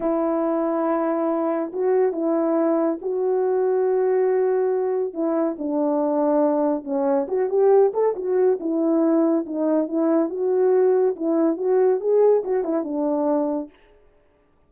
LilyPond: \new Staff \with { instrumentName = "horn" } { \time 4/4 \tempo 4 = 140 e'1 | fis'4 e'2 fis'4~ | fis'1 | e'4 d'2. |
cis'4 fis'8 g'4 a'8 fis'4 | e'2 dis'4 e'4 | fis'2 e'4 fis'4 | gis'4 fis'8 e'8 d'2 | }